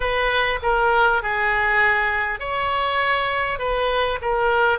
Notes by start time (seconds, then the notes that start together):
0.00 B4
0.62 A#4
1.22 G#4
2.39 C#5
3.58 B4
4.21 A#4